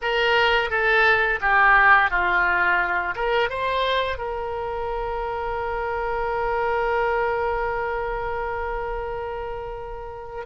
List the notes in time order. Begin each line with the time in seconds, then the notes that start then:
0.01 A#4
0.70 A4
1.40 G4
2.10 F4
3.15 A#4
3.49 C5
4.17 A#4